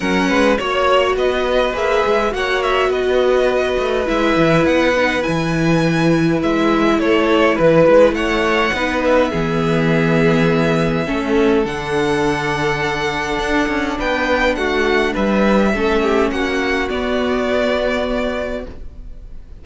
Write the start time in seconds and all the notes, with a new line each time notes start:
0.00 F#3 C#4 A#4 F#5
0.28 G#3 B4
0.57 A#3 F#4 C#5
1.16 B3 B4 D#5
1.73 A#3 G#4 E5
2.06 G#3
2.31 A#3 F#4 C#5 F#5
2.62 E5
2.88 B3 B4 D#5
3.78 A3
4.06 G#3 E4 E5
4.36 E3
4.65 B3 F#5
4.96 D#4
5.21 E4 G#5
5.28 E3
6.42 G#3 E5
6.99 A3 A4 C#5
7.55 E3 B4
7.88 G#3
8.12 A3 C#5 F#5
8.73 B3 D#4 B4
9.04 E5
9.30 E3 B3 G#4
11.05 A3 C#4 A4
11.65 D3 D4 F#5
13.38 D4
13.67 C#4
13.98 B3 B4 G5
14.55 A3 F#4 F#5
15.13 G3 B4 E5
15.73 A3 C#4 A4
16.02 G4
16.30 A#3 F#4 F#5
16.89 B3 D5